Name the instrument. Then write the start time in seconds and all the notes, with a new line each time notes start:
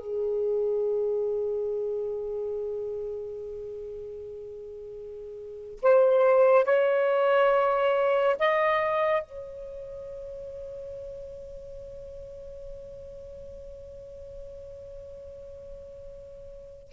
saxophone
0.00 G#4
5.82 C5
6.65 C#5
8.39 D#5
9.23 C#5